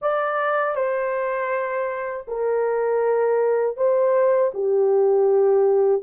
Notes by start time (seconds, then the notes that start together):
0.01 D5
0.75 C5
2.27 A#4
3.76 C5
4.53 G4